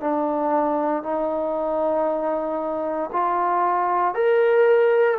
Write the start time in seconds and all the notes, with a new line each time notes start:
0.00 D4
1.03 D#4
3.12 F4
4.14 A#4